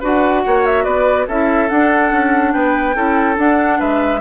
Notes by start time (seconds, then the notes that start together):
0.00 D4 F#4 B4 F#5
0.46 A#3 C#5
0.66 E5
0.84 B3 B4 D5
1.27 C#4 E4 A4 E5
1.69 D4 F#5
2.12 C#4
2.52 B3 B4 G5
2.94 C#4 E4 A4
3.35 D4 F#5
3.79 G#3 B4 E5